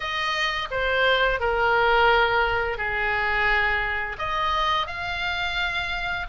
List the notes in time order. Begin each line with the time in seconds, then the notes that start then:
0.00 D#5
0.70 C5
1.40 A#4
2.77 G#4
4.18 D#5
4.86 F5